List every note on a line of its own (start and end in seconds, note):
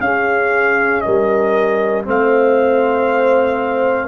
0.00 1.02 C#4
0.00 2.05 C#4
0.00 1.05 G#4
0.00 1.01 F5
1.01 2.07 G3
1.01 2.07 A#4
1.01 2.03 D#5
2.05 4.07 A3
2.05 4.07 C4
2.05 4.07 C5
2.05 4.07 F5